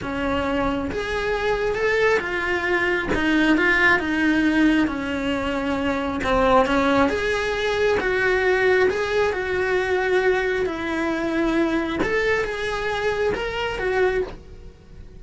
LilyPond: \new Staff \with { instrumentName = "cello" } { \time 4/4 \tempo 4 = 135 cis'2 gis'2 | a'4 f'2 dis'4 | f'4 dis'2 cis'4~ | cis'2 c'4 cis'4 |
gis'2 fis'2 | gis'4 fis'2. | e'2. a'4 | gis'2 ais'4 fis'4 | }